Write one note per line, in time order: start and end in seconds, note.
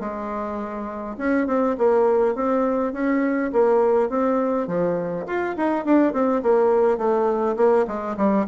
0.00 1.17 G#3
1.18 1.47 C#4
1.47 1.77 C4
1.78 2.35 A#3
2.35 2.93 C4
2.93 3.52 C#4
3.53 4.10 A#3
4.10 4.68 C4
4.68 5.26 F3
5.27 5.56 F4
5.57 5.85 D#4
5.85 6.13 D4
6.13 6.42 C4
6.43 6.98 A#3
6.98 7.56 A3
7.57 7.86 A#3
7.87 8.17 G#3
8.17 8.46 G3